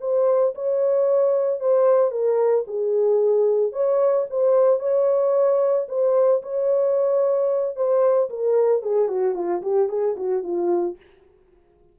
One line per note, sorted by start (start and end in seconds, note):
0.00 0.54 C5
0.54 1.60 C#5
1.60 2.11 C5
2.11 2.64 A#4
2.67 3.72 G#4
3.72 4.25 C#5
4.29 4.79 C5
4.79 5.86 C#5
5.88 6.41 C5
6.42 7.75 C#5
7.75 8.29 C5
8.29 8.82 A#4
8.82 9.08 G#4
9.08 9.34 F#4
9.34 9.61 F4
9.62 9.88 G4
9.88 10.15 G#4
10.16 10.43 F#4
10.43 10.96 F4